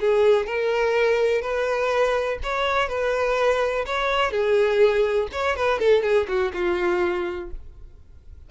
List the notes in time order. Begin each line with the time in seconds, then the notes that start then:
0.00 G#4
0.46 A#4
1.41 B4
2.43 C#5
2.88 B4
3.86 C#5
4.31 G#4
5.32 C#5
5.56 B4
5.79 A4
6.02 G#4
6.28 F#4
6.53 F4